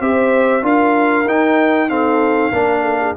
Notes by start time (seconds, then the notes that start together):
0.00 C4 G4 C5 E5
0.62 D4 F4 A#4 F5
1.25 D#4 G5
1.89 C4 A4 F5
2.52 A#3 D4 A#4
2.82 A4
3.00 G#4